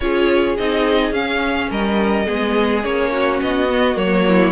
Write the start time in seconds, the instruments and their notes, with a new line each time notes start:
0.00 cello C#4, viola F4, violin G#4 C#5
0.57 cello C4, viola D#4, violin D#5
1.11 cello C#4, viola C#4, violin F5
1.70 cello G3, violin A#4 D#5
2.25 cello G#3, viola B3, violin G#4
2.83 cello A#3, viola C#4, violin C#5
3.11 violin F#4
3.41 cello B3, violin D#5
3.68 viola B3
3.95 cello F#3, viola A#3, violin C#5
4.27 violin E4